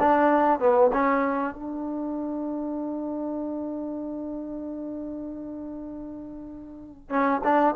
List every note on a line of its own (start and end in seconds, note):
0.00 0.60 D4
0.60 0.91 B3
0.93 1.55 C#4
1.55 7.10 D4
7.10 7.41 C#4
7.45 7.75 D4